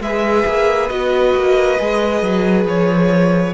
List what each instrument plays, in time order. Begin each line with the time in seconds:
0.00 cello G#3, viola G#4, violin B4 E5
0.46 cello A#3
0.88 cello B3, viola F#4, violin D#5
1.35 cello A#3
1.78 cello G#3, viola G#4
2.22 cello F#3
2.65 cello F3, violin C#5